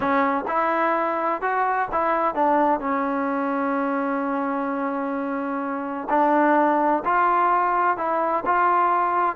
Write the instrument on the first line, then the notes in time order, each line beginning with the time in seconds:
trombone
0.00 C#4
0.47 E4
1.41 F#4
1.92 E4
2.35 D4
2.80 C#4
6.09 D4
7.05 F4
7.97 E4
8.45 F4